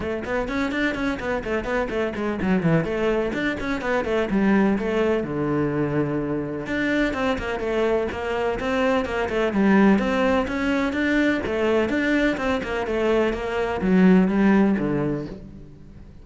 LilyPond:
\new Staff \with { instrumentName = "cello" } { \time 4/4 \tempo 4 = 126 a8 b8 cis'8 d'8 cis'8 b8 a8 b8 | a8 gis8 fis8 e8 a4 d'8 cis'8 | b8 a8 g4 a4 d4~ | d2 d'4 c'8 ais8 |
a4 ais4 c'4 ais8 a8 | g4 c'4 cis'4 d'4 | a4 d'4 c'8 ais8 a4 | ais4 fis4 g4 d4 | }